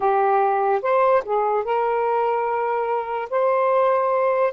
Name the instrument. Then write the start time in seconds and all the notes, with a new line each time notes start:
saxophone
0.00 G4
0.82 C5
1.24 G#4
1.64 A#4
3.30 C5